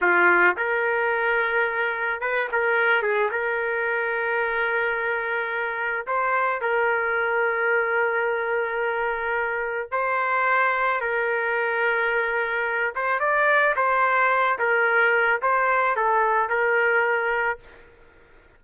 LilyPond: \new Staff \with { instrumentName = "trumpet" } { \time 4/4 \tempo 4 = 109 f'4 ais'2. | b'8 ais'4 gis'8 ais'2~ | ais'2. c''4 | ais'1~ |
ais'2 c''2 | ais'2.~ ais'8 c''8 | d''4 c''4. ais'4. | c''4 a'4 ais'2 | }